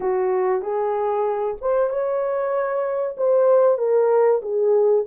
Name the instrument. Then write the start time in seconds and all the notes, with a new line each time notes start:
horn
0.00 F#4
0.62 G#4
1.61 C5
1.89 C#5
3.17 C5
3.78 A#4
4.42 G#4